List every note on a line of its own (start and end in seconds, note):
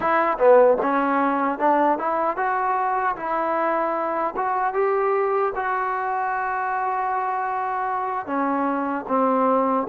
0.00 0.37 E4
0.38 0.77 B3
0.82 1.58 C#4
1.58 1.98 D4
1.98 2.36 E4
2.36 3.15 F#4
3.16 4.34 E4
4.36 4.73 F#4
4.73 5.52 G4
5.55 8.26 F#4
8.26 9.05 C#4
9.08 9.87 C4